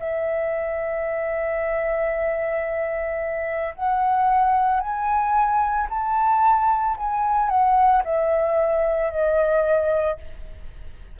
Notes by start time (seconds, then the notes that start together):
0.00 E5
3.75 F#5
4.81 G#5
5.90 A5
6.97 G#5
7.50 F#5
8.05 E5
9.11 D#5